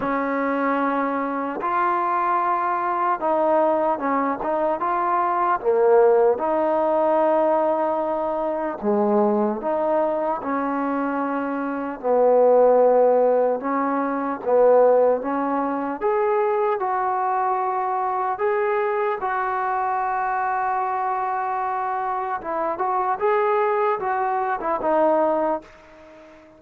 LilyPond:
\new Staff \with { instrumentName = "trombone" } { \time 4/4 \tempo 4 = 75 cis'2 f'2 | dis'4 cis'8 dis'8 f'4 ais4 | dis'2. gis4 | dis'4 cis'2 b4~ |
b4 cis'4 b4 cis'4 | gis'4 fis'2 gis'4 | fis'1 | e'8 fis'8 gis'4 fis'8. e'16 dis'4 | }